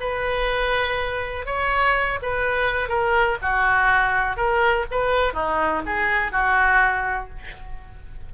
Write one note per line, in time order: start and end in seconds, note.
0.00 1.46 B4
1.46 2.19 C#5
2.22 2.88 B4
2.88 3.37 A#4
3.42 4.37 F#4
4.37 4.86 A#4
4.91 5.33 B4
5.33 5.82 D#4
5.86 6.32 G#4
6.32 7.29 F#4